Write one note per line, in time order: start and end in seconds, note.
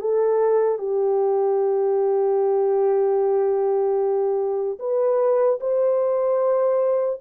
0.00 0.78 A4
0.78 4.78 G4
4.79 5.59 B4
5.60 7.20 C5